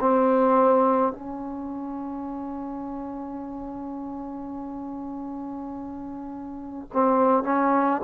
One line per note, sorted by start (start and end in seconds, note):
0.00 1.13 C4
1.13 6.90 C#4
6.93 7.44 C4
7.44 8.02 C#4